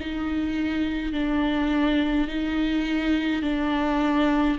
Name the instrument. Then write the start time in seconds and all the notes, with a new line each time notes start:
viola
0.00 D#4
1.12 D4
2.28 D#4
3.42 D4